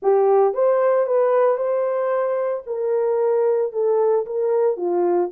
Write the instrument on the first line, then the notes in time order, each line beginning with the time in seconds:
horn
0.02 G4
0.54 C5
1.06 B4
1.57 C5
2.66 A#4
3.72 A4
4.26 A#4
4.76 F4